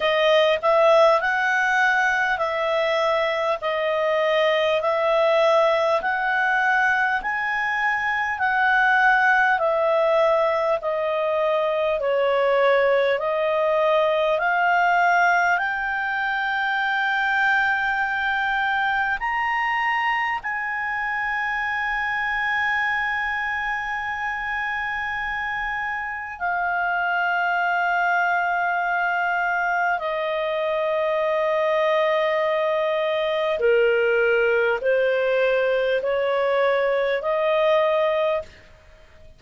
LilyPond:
\new Staff \with { instrumentName = "clarinet" } { \time 4/4 \tempo 4 = 50 dis''8 e''8 fis''4 e''4 dis''4 | e''4 fis''4 gis''4 fis''4 | e''4 dis''4 cis''4 dis''4 | f''4 g''2. |
ais''4 gis''2.~ | gis''2 f''2~ | f''4 dis''2. | ais'4 c''4 cis''4 dis''4 | }